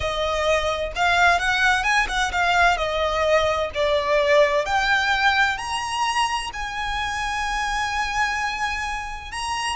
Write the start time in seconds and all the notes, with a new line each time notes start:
0.00 D#5
0.95 F5
1.39 F#5
1.83 G#5
2.08 F#5
2.32 F5
2.77 D#5
3.74 D5
4.65 G5
5.57 A#5
6.53 G#5
9.31 A#5